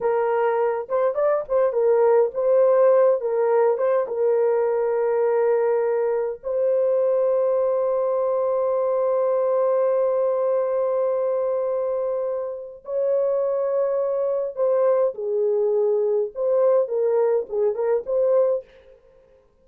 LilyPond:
\new Staff \with { instrumentName = "horn" } { \time 4/4 \tempo 4 = 103 ais'4. c''8 d''8 c''8 ais'4 | c''4. ais'4 c''8 ais'4~ | ais'2. c''4~ | c''1~ |
c''1~ | c''2 cis''2~ | cis''4 c''4 gis'2 | c''4 ais'4 gis'8 ais'8 c''4 | }